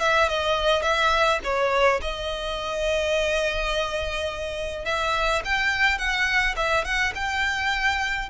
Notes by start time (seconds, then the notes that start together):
0.00 E5
0.29 D#5
0.82 E5
1.44 C#5
2.02 D#5
4.85 E5
5.45 G5
5.98 F#5
6.56 E5
6.85 F#5
7.15 G5